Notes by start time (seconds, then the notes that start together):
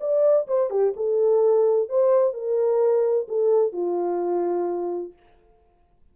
0.00 D5
0.47 C5
0.70 G4
0.96 A4
1.89 C5
2.33 A#4
3.28 A4
3.72 F4